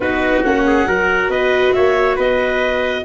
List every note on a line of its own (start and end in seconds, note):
0.00 0.41 B3
0.00 0.44 D#4
0.00 0.66 F#4
0.00 0.44 B4
0.44 0.86 A#3
0.44 0.87 C#4
0.44 1.30 F#5
0.66 0.87 G#4
0.86 1.28 F#3
0.86 3.04 F#4
0.86 1.30 A#4
1.28 1.72 B3
1.28 1.73 B4
1.28 1.72 D#5
1.72 2.17 A#3
1.72 2.16 C#5
1.72 2.16 E5
2.16 3.04 B3
2.16 3.03 B4
2.16 3.05 D#5